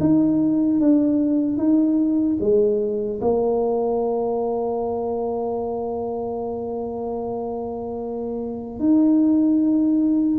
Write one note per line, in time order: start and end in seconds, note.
0.00 0.80 D#4
0.80 1.57 D4
1.57 2.37 D#4
2.40 3.20 G#3
3.21 8.79 A#3
8.79 10.39 D#4